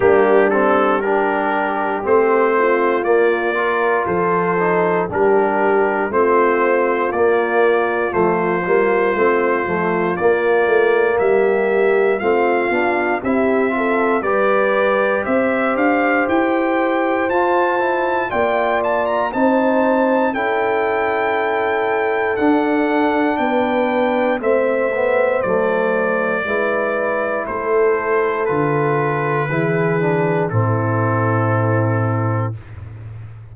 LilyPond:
<<
  \new Staff \with { instrumentName = "trumpet" } { \time 4/4 \tempo 4 = 59 g'8 a'8 ais'4 c''4 d''4 | c''4 ais'4 c''4 d''4 | c''2 d''4 e''4 | f''4 e''4 d''4 e''8 f''8 |
g''4 a''4 g''8 a''16 ais''16 a''4 | g''2 fis''4 g''4 | e''4 d''2 c''4 | b'2 a'2 | }
  \new Staff \with { instrumentName = "horn" } { \time 4/4 d'4 g'4. f'4 ais'8 | a'4 g'4 f'2~ | f'2. g'4 | f'4 g'8 a'8 b'4 c''4~ |
c''2 d''4 c''4 | a'2. b'4 | c''2 b'4 a'4~ | a'4 gis'4 e'2 | }
  \new Staff \with { instrumentName = "trombone" } { \time 4/4 ais8 c'8 d'4 c'4 ais8 f'8~ | f'8 dis'8 d'4 c'4 ais4 | a8 ais8 c'8 a8 ais2 | c'8 d'8 e'8 f'8 g'2~ |
g'4 f'8 e'8 f'4 dis'4 | e'2 d'2 | c'8 b8 a4 e'2 | f'4 e'8 d'8 c'2 | }
  \new Staff \with { instrumentName = "tuba" } { \time 4/4 g2 a4 ais4 | f4 g4 a4 ais4 | f8 g8 a8 f8 ais8 a8 g4 | a8 b8 c'4 g4 c'8 d'8 |
e'4 f'4 ais4 c'4 | cis'2 d'4 b4 | a4 fis4 gis4 a4 | d4 e4 a,2 | }
>>